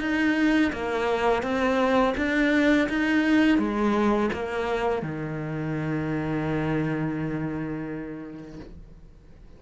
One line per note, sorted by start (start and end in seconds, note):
0.00 0.71 D#4
0.72 1.42 A#3
1.42 2.14 C4
2.17 2.88 D4
2.89 3.58 D#4
3.58 4.29 G#3
4.32 5.02 A#3
5.02 8.59 D#3